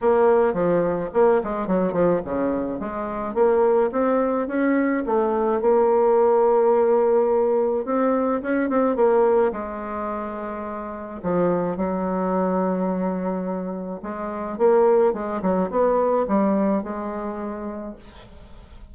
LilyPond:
\new Staff \with { instrumentName = "bassoon" } { \time 4/4 \tempo 4 = 107 ais4 f4 ais8 gis8 fis8 f8 | cis4 gis4 ais4 c'4 | cis'4 a4 ais2~ | ais2 c'4 cis'8 c'8 |
ais4 gis2. | f4 fis2.~ | fis4 gis4 ais4 gis8 fis8 | b4 g4 gis2 | }